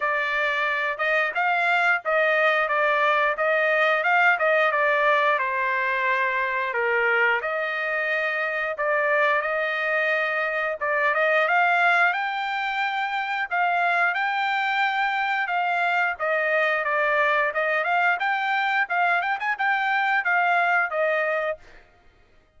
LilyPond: \new Staff \with { instrumentName = "trumpet" } { \time 4/4 \tempo 4 = 89 d''4. dis''8 f''4 dis''4 | d''4 dis''4 f''8 dis''8 d''4 | c''2 ais'4 dis''4~ | dis''4 d''4 dis''2 |
d''8 dis''8 f''4 g''2 | f''4 g''2 f''4 | dis''4 d''4 dis''8 f''8 g''4 | f''8 g''16 gis''16 g''4 f''4 dis''4 | }